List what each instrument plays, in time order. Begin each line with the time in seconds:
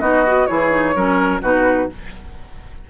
0.00 bassoon B3, clarinet D#4, oboe F#4, flute D#5
0.26 clarinet F#4
0.46 bassoon E3, clarinet E4, oboe G#4, flute C#5
0.70 clarinet D#4
0.94 bassoon F#3, clarinet C#4, oboe A#4
1.41 bassoon B2, clarinet D#4, oboe F#4, flute B4